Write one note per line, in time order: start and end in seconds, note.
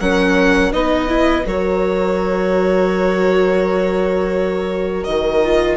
0.00 0.72 F#3
0.00 0.73 C#4
0.00 0.71 A#4
0.00 0.72 F#5
0.71 1.45 B3
0.71 1.08 D#4
0.71 1.44 B4
0.71 1.45 D#5
1.08 1.44 E4
1.45 5.07 F#3
1.45 5.43 F#4
1.45 5.77 A#4
1.45 5.04 C#5
5.04 5.77 D#3
5.04 5.76 D#5
5.43 5.77 F4